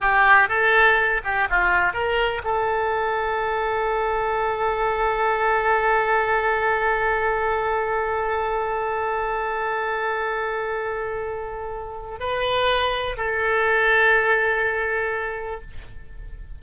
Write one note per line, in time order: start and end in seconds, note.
0.00 0.48 G4
0.48 1.21 A4
1.24 1.48 G4
1.49 1.93 F4
1.93 2.41 A#4
2.44 12.19 A4
12.19 13.17 B4
13.17 15.61 A4